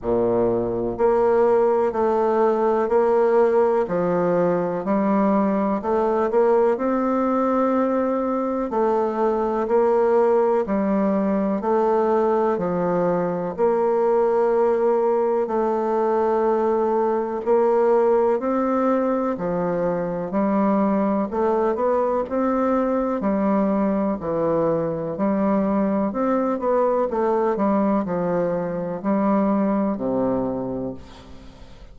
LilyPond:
\new Staff \with { instrumentName = "bassoon" } { \time 4/4 \tempo 4 = 62 ais,4 ais4 a4 ais4 | f4 g4 a8 ais8 c'4~ | c'4 a4 ais4 g4 | a4 f4 ais2 |
a2 ais4 c'4 | f4 g4 a8 b8 c'4 | g4 e4 g4 c'8 b8 | a8 g8 f4 g4 c4 | }